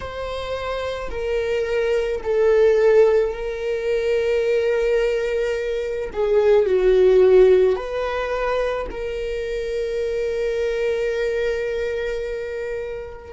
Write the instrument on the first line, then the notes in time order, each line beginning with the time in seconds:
viola
0.00 C5
1.10 A#4
2.23 A4
3.32 A#4
6.13 G#4
6.66 F#4
7.75 B4
8.90 A#4